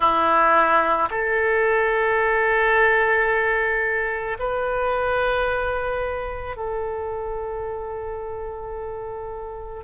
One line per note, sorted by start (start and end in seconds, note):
0.00 1.09 E4
1.10 4.37 A4
4.39 6.56 B4
6.56 9.83 A4